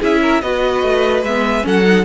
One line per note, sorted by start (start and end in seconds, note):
0.00 0.42 C#4
0.00 0.42 E4
0.00 0.21 G#4
0.00 0.41 E5
0.22 0.42 A#4
0.41 0.83 B3
0.41 1.25 F#4
0.41 1.66 B4
0.41 1.24 D#5
0.83 1.23 A3
1.23 1.64 G#3
1.23 1.62 B3
1.23 1.66 E5
1.62 2.05 F#3
1.62 1.82 C#4
1.62 2.05 A4
1.68 2.05 F#5
1.85 2.05 D#4